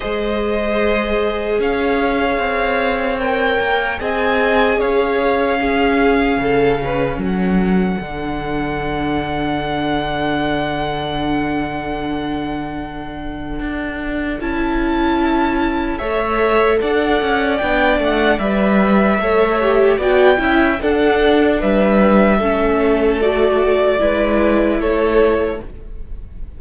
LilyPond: <<
  \new Staff \with { instrumentName = "violin" } { \time 4/4 \tempo 4 = 75 dis''2 f''2 | g''4 gis''4 f''2~ | f''4 fis''2.~ | fis''1~ |
fis''2 a''2 | e''4 fis''4 g''8 fis''8 e''4~ | e''4 g''4 fis''4 e''4~ | e''4 d''2 cis''4 | }
  \new Staff \with { instrumentName = "violin" } { \time 4/4 c''2 cis''2~ | cis''4 dis''4 cis''4 gis'4 | a'8 b'8 a'2.~ | a'1~ |
a'1 | cis''4 d''2. | cis''4 d''8 e''8 a'4 b'4 | a'2 b'4 a'4 | }
  \new Staff \with { instrumentName = "viola" } { \time 4/4 gis'1 | ais'4 gis'2 cis'4~ | cis'2 d'2~ | d'1~ |
d'2 e'2 | a'2 d'4 b'4 | a'8 g'8 fis'8 e'8 d'2 | cis'4 fis'4 e'2 | }
  \new Staff \with { instrumentName = "cello" } { \time 4/4 gis2 cis'4 c'4~ | c'8 ais8 c'4 cis'2 | cis4 fis4 d2~ | d1~ |
d4 d'4 cis'2 | a4 d'8 cis'8 b8 a8 g4 | a4 b8 cis'8 d'4 g4 | a2 gis4 a4 | }
>>